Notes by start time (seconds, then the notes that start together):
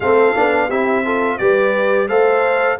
0.00 A3 C4 A4 F5
0.35 B3 D4
0.69 C4 E4 G4 E5
1.04 F4 A4
1.38 G3 G4 B4 D5
2.08 A3 A4 C5 F5